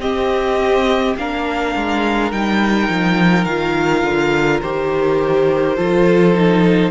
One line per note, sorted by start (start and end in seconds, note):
0.00 1.15 C4
0.00 1.17 C4
0.00 1.16 G4
0.00 1.17 D#5
1.17 1.75 A#3
1.17 2.32 D4
1.17 5.76 A#4
1.17 2.32 F5
1.76 2.32 G#3
2.32 2.89 G3
2.32 3.47 D#4
2.32 3.45 G5
2.89 3.46 F3
3.45 4.03 D#3
3.45 4.63 F4
3.45 4.61 F5
4.04 4.61 D3
4.61 5.78 D#3
4.61 5.77 G4
4.61 6.92 C5
5.76 6.92 F3
5.76 6.34 F4
5.76 6.92 A4
6.34 6.92 D#4